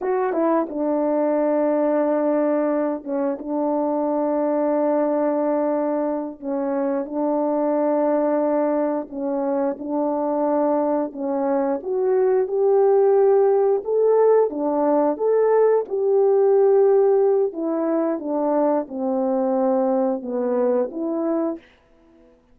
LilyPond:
\new Staff \with { instrumentName = "horn" } { \time 4/4 \tempo 4 = 89 fis'8 e'8 d'2.~ | d'8 cis'8 d'2.~ | d'4. cis'4 d'4.~ | d'4. cis'4 d'4.~ |
d'8 cis'4 fis'4 g'4.~ | g'8 a'4 d'4 a'4 g'8~ | g'2 e'4 d'4 | c'2 b4 e'4 | }